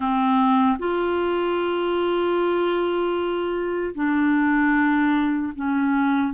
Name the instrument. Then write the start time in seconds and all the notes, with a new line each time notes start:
clarinet
0.00 C4
0.78 F4
3.95 D4
5.55 C#4